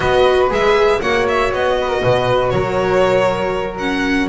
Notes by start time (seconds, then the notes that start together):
0.00 B3 F#4 B4 D#5
0.50 G#3 G#4 E5
1.01 A#3 F#4 C#5 F#5
1.28 E5
1.52 B3 D#5
1.80 B4
1.87 A#4
2.02 B2 B4
2.49 F#3 A#4 C#5
3.78 C#4 F#5